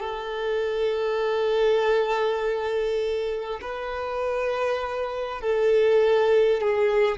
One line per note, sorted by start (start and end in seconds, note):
0.00 3.60 A4
3.62 5.42 B4
5.42 6.61 A4
6.61 7.18 G#4